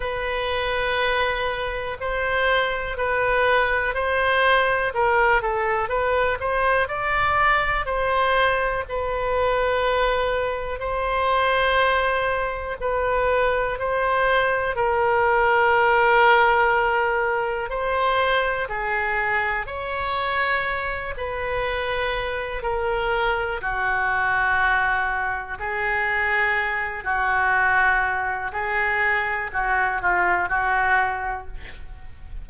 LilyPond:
\new Staff \with { instrumentName = "oboe" } { \time 4/4 \tempo 4 = 61 b'2 c''4 b'4 | c''4 ais'8 a'8 b'8 c''8 d''4 | c''4 b'2 c''4~ | c''4 b'4 c''4 ais'4~ |
ais'2 c''4 gis'4 | cis''4. b'4. ais'4 | fis'2 gis'4. fis'8~ | fis'4 gis'4 fis'8 f'8 fis'4 | }